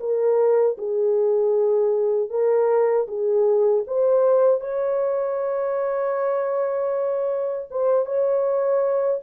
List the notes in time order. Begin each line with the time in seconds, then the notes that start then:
0.00 A#4
0.78 G#4
2.30 A#4
3.08 G#4
3.87 C5
4.60 C#5
7.71 C5
8.06 C#5